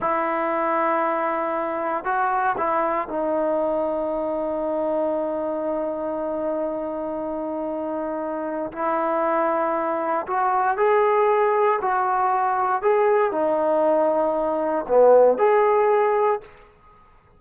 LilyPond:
\new Staff \with { instrumentName = "trombone" } { \time 4/4 \tempo 4 = 117 e'1 | fis'4 e'4 dis'2~ | dis'1~ | dis'1~ |
dis'4 e'2. | fis'4 gis'2 fis'4~ | fis'4 gis'4 dis'2~ | dis'4 b4 gis'2 | }